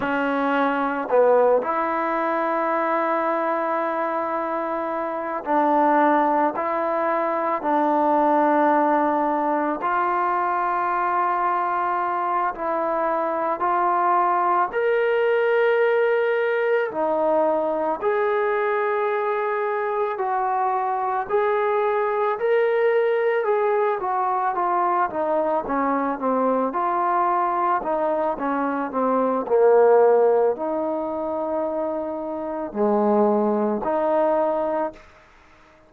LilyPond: \new Staff \with { instrumentName = "trombone" } { \time 4/4 \tempo 4 = 55 cis'4 b8 e'2~ e'8~ | e'4 d'4 e'4 d'4~ | d'4 f'2~ f'8 e'8~ | e'8 f'4 ais'2 dis'8~ |
dis'8 gis'2 fis'4 gis'8~ | gis'8 ais'4 gis'8 fis'8 f'8 dis'8 cis'8 | c'8 f'4 dis'8 cis'8 c'8 ais4 | dis'2 gis4 dis'4 | }